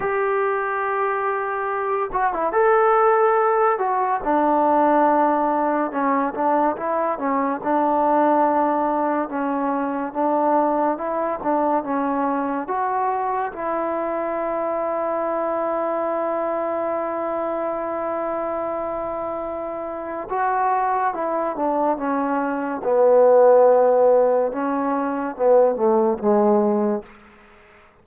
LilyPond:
\new Staff \with { instrumentName = "trombone" } { \time 4/4 \tempo 4 = 71 g'2~ g'8 fis'16 e'16 a'4~ | a'8 fis'8 d'2 cis'8 d'8 | e'8 cis'8 d'2 cis'4 | d'4 e'8 d'8 cis'4 fis'4 |
e'1~ | e'1 | fis'4 e'8 d'8 cis'4 b4~ | b4 cis'4 b8 a8 gis4 | }